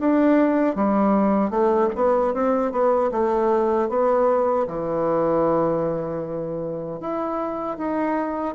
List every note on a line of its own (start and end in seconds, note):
0.00 0.76 D4
0.76 1.51 G3
1.51 1.89 A3
1.96 2.34 B3
2.34 2.72 C4
2.72 3.11 B3
3.12 3.90 A3
3.90 4.68 B3
4.68 7.01 E3
7.01 7.78 E4
7.78 8.55 D#4